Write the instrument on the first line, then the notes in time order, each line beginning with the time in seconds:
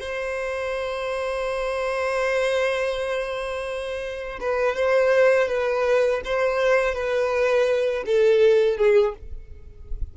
violin
0.00 C5
4.40 B4
4.76 C5
5.48 B4
6.25 C5
6.94 B4
8.06 A4
8.77 G#4